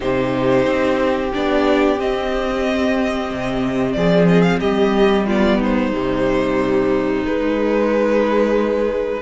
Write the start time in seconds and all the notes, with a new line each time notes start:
0.00 C3 D#4 G4 C5
0.66 C4
1.33 B3 D4 D5
1.97 C4 D#5
3.30 C3
3.92 F3 G#4 D5
4.28 D#5
4.42 F5
4.60 G3 G4 D#5
5.26 B3 F4 D5
5.58 D#4 C5
5.92 C3 G3
7.24 G#3 B4